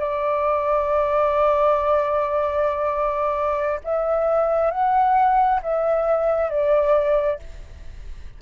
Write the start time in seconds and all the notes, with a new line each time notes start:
0.00 D5
3.84 E5
4.71 F#5
5.63 E5
6.50 D5